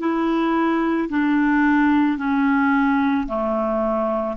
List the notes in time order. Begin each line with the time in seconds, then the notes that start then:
0.00 E4
1.10 D4
2.18 C#4
3.28 A3